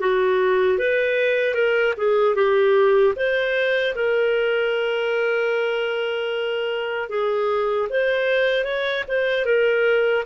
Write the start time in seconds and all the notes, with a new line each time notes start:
0.00 F#4
0.79 B4
1.55 A#4
1.98 G#4
2.35 G4
3.16 C5
3.95 A#4
7.10 G#4
7.90 C5
8.64 C#5
9.08 C5
9.46 A#4